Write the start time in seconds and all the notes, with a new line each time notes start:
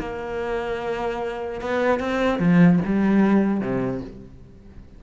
0.00 A#3
1.61 B3
2.00 C4
2.39 F3
2.85 G3
3.61 C3